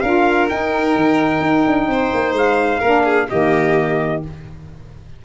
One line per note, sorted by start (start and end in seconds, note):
0.00 0.49 D4
0.00 0.49 F4
0.00 1.88 A#4
0.00 0.47 F5
0.49 2.82 D#4
0.49 0.96 D#4
0.49 2.35 G5
0.96 1.40 D#3
1.40 1.64 D#4
1.67 1.87 D4
1.87 2.11 C4
1.87 2.79 C5
2.14 2.33 A#3
2.33 2.79 G#3
2.33 3.29 F5
2.79 3.29 A#3
2.79 3.29 D4
2.79 3.03 A#4
3.04 3.28 G#4
3.29 4.25 D#3
3.29 4.22 A#3
3.29 4.23 G4
3.29 4.22 D#5